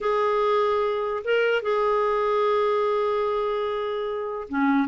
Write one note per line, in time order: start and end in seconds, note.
0.00 1.23 G#4
1.24 1.62 A#4
1.62 4.48 G#4
4.49 4.88 C#4